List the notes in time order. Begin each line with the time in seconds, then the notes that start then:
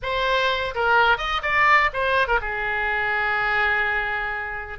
0.02 C5
0.75 A#4
1.17 D#5
1.42 D5
1.93 C5
2.27 A#4
2.41 G#4